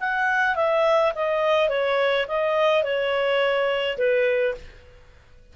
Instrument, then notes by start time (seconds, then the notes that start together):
clarinet
0.00 F#5
0.55 E5
1.15 D#5
1.69 C#5
2.27 D#5
2.83 C#5
3.97 B4